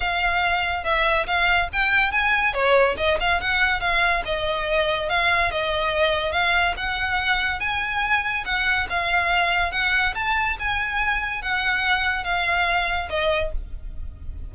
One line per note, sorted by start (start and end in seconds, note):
0.00 0.84 F5
0.84 1.26 E5
1.26 1.69 F5
1.72 2.11 G5
2.11 2.53 G#5
2.53 2.95 C#5
2.97 3.18 D#5
3.20 3.40 F5
3.40 3.80 F#5
3.80 4.22 F5
4.25 5.09 D#5
5.09 5.51 F5
5.51 6.32 D#5
6.32 6.74 F5
6.76 7.59 F#5
7.59 8.44 G#5
8.45 8.87 F#5
8.89 9.71 F5
9.71 10.14 F#5
10.14 10.57 A5
10.59 11.41 G#5
11.41 12.24 F#5
12.24 13.08 F5
13.09 13.51 D#5